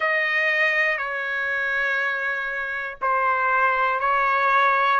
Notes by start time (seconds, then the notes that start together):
0.00 D#5
0.97 C#5
3.01 C5
4.00 C#5